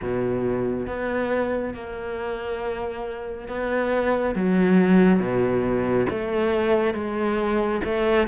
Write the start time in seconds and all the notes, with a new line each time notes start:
0.02 B2
0.87 B3
1.74 A#3
3.48 B3
4.35 F#3
5.19 B2
6.09 A3
6.94 G#3
7.84 A3